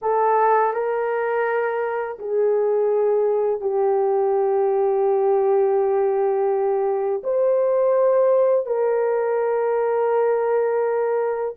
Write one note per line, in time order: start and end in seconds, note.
0.01 0.73 A4
0.73 2.18 A#4
2.19 3.60 G#4
3.60 7.22 G4
7.23 8.65 C5
8.65 11.55 A#4